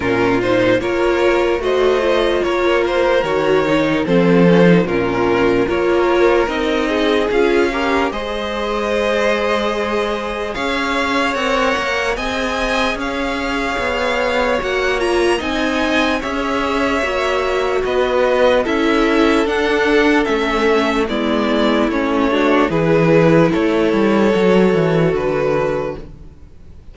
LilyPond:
<<
  \new Staff \with { instrumentName = "violin" } { \time 4/4 \tempo 4 = 74 ais'8 c''8 cis''4 dis''4 cis''8 c''8 | cis''4 c''4 ais'4 cis''4 | dis''4 f''4 dis''2~ | dis''4 f''4 fis''4 gis''4 |
f''2 fis''8 ais''8 gis''4 | e''2 dis''4 e''4 | fis''4 e''4 d''4 cis''4 | b'4 cis''2 b'4 | }
  \new Staff \with { instrumentName = "violin" } { \time 4/4 f'4 ais'4 c''4 ais'4~ | ais'4 a'4 f'4 ais'4~ | ais'8 gis'4 ais'8 c''2~ | c''4 cis''2 dis''4 |
cis''2. dis''4 | cis''2 b'4 a'4~ | a'2 e'4. fis'8 | gis'4 a'2. | }
  \new Staff \with { instrumentName = "viola" } { \time 4/4 cis'8 dis'8 f'4 fis'8 f'4. | fis'8 dis'8 c'8 cis'16 dis'16 cis'4 f'4 | dis'4 f'8 g'8 gis'2~ | gis'2 ais'4 gis'4~ |
gis'2 fis'8 f'8 dis'4 | gis'4 fis'2 e'4 | d'4 cis'4 b4 cis'8 d'8 | e'2 fis'2 | }
  \new Staff \with { instrumentName = "cello" } { \time 4/4 ais,4 ais4 a4 ais4 | dis4 f4 ais,4 ais4 | c'4 cis'4 gis2~ | gis4 cis'4 c'8 ais8 c'4 |
cis'4 b4 ais4 c'4 | cis'4 ais4 b4 cis'4 | d'4 a4 gis4 a4 | e4 a8 g8 fis8 e8 d4 | }
>>